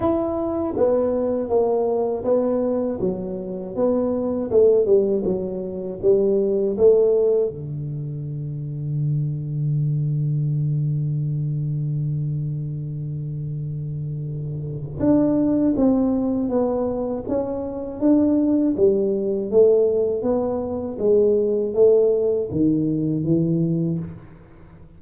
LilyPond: \new Staff \with { instrumentName = "tuba" } { \time 4/4 \tempo 4 = 80 e'4 b4 ais4 b4 | fis4 b4 a8 g8 fis4 | g4 a4 d2~ | d1~ |
d1 | d'4 c'4 b4 cis'4 | d'4 g4 a4 b4 | gis4 a4 dis4 e4 | }